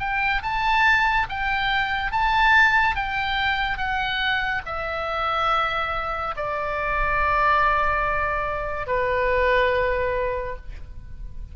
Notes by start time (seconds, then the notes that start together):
0.00 G5
0.43 A5
1.29 G5
2.12 A5
2.96 G5
3.78 F#5
4.66 E5
6.36 D5
8.87 B4